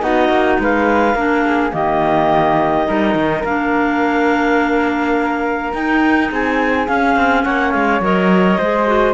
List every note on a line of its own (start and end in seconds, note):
0.00 0.28 B3
0.00 1.14 D#4
0.00 0.60 F#4
0.00 0.58 D#5
0.28 0.57 A#3
0.59 1.15 G#3
0.59 1.15 B4
0.59 1.73 F5
1.15 1.72 A#3
1.15 1.71 D4
1.15 1.44 A#4
1.45 1.73 G#4
1.71 2.87 D#3
1.71 2.85 A#3
1.71 2.87 G4
1.71 3.44 D#5
2.87 3.14 G3
2.87 3.44 D#4
2.87 6.30 A#4
3.14 3.43 D#3
3.44 5.72 A#3
3.44 5.73 D4
3.44 5.73 F5
5.73 6.30 D#4
5.73 6.88 D#4
5.73 6.31 G5
6.31 6.88 C4
6.31 7.45 G#4
6.31 6.87 G#5
6.87 7.16 C#4
6.87 8.02 C#4
6.87 7.43 F5
7.16 7.44 C4
7.43 7.74 A#3
7.43 8.58 C#5
7.43 7.71 F#5
7.71 8.00 G#3
7.71 8.00 F5
8.00 8.57 F#3
8.00 8.59 A#4
8.00 9.14 D#5
8.58 9.14 G#3
8.58 8.86 G#4
8.58 9.14 C5
8.86 9.14 F#4